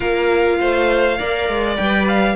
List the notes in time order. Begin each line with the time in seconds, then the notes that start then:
0.00 A#3 F4 A#4 F5
0.60 A3 C5
1.17 A#3 A#4 D5
1.48 G#3
1.76 G3 B4 G5
2.07 F5